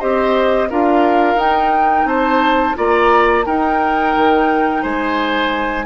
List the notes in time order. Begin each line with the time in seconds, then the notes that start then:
0.00 C4 G4 C5 D#5
0.70 D4 F4 A#4 F5
1.35 D#4 G5
2.05 C4 C5 A5
2.75 A#3 F4 D5 A#5
3.46 D#4 A#4 G5
4.16 D#3
4.83 G#3 C5 G#5